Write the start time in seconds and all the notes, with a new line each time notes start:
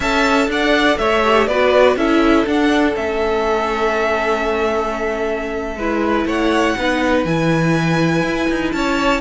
0.00 C#4 A4 E5 A5
0.47 D4 D5 F#5
0.98 A3 C#5 E5
1.24 G4
1.47 B3 F#4 B4 D5
1.96 C#4 E4 A4 E5
2.46 D4 F#5
2.95 A3 C#4 E5
5.76 G#3 E4 B4
6.25 A3 C#5 F#5
6.77 B3 D#4 B4
7.24 E3 E4 G#5
8.22 E4
8.50 D#4
8.72 C#4 C#5 A5